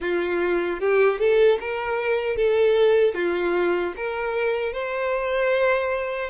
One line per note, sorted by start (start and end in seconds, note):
0.00 0.79 F4
0.79 1.19 G4
1.19 1.58 A4
1.60 2.36 A#4
2.36 3.14 A4
3.14 3.93 F4
3.96 4.72 A#4
4.72 6.29 C5